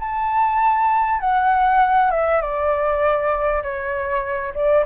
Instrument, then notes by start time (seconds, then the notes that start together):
flute
0.00 A5
1.20 F#5
2.11 E5
2.42 D5
3.63 C#5
4.55 D5